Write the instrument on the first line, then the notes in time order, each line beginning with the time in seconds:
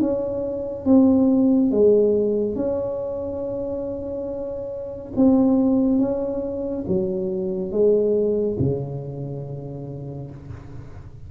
tuba
0.00 C#4
0.85 C4
1.71 G#3
2.55 C#4
5.16 C4
5.98 C#4
6.87 F#3
7.71 G#3
8.59 C#3